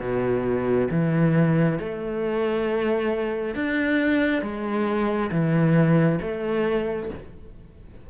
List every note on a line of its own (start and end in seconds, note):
0.00 0.88 B2
0.91 1.79 E3
1.79 3.55 A3
3.55 4.42 D4
4.42 5.31 G#3
5.31 6.19 E3
6.22 7.10 A3